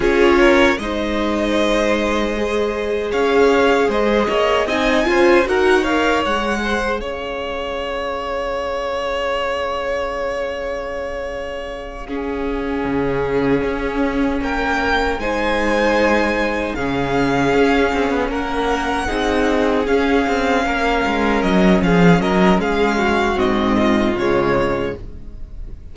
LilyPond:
<<
  \new Staff \with { instrumentName = "violin" } { \time 4/4 \tempo 4 = 77 cis''4 dis''2. | f''4 dis''4 gis''4 fis''8 f''8 | fis''4 f''2.~ | f''1~ |
f''2~ f''8 g''4 gis''8~ | gis''4. f''2 fis''8~ | fis''4. f''2 dis''8 | f''8 dis''8 f''4 dis''4 cis''4 | }
  \new Staff \with { instrumentName = "violin" } { \time 4/4 gis'8 ais'8 c''2. | cis''4 c''8 cis''8 dis''8 c''8 ais'8 cis''8~ | cis''8 c''8 cis''2.~ | cis''2.~ cis''8 gis'8~ |
gis'2~ gis'8 ais'4 c''8~ | c''4. gis'2 ais'8~ | ais'8 gis'2 ais'4. | gis'8 ais'8 gis'8 fis'4 f'4. | }
  \new Staff \with { instrumentName = "viola" } { \time 4/4 f'4 dis'2 gis'4~ | gis'2 dis'8 f'8 fis'8 ais'8 | gis'1~ | gis'2.~ gis'8 cis'8~ |
cis'2.~ cis'8 dis'8~ | dis'4. cis'2~ cis'8~ | cis'8 dis'4 cis'2~ cis'8~ | cis'2 c'4 gis4 | }
  \new Staff \with { instrumentName = "cello" } { \time 4/4 cis'4 gis2. | cis'4 gis8 ais8 c'8 cis'8 dis'4 | gis4 cis'2.~ | cis'1~ |
cis'8 cis4 cis'4 ais4 gis8~ | gis4. cis4 cis'8 c'16 b16 ais8~ | ais8 c'4 cis'8 c'8 ais8 gis8 fis8 | f8 fis8 gis4 gis,4 cis4 | }
>>